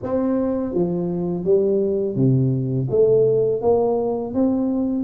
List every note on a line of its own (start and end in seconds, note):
0.02 0.74 C4
0.74 1.44 F3
1.44 2.15 G3
2.15 2.88 C3
2.90 3.61 A3
3.61 4.34 A#3
4.34 5.04 C4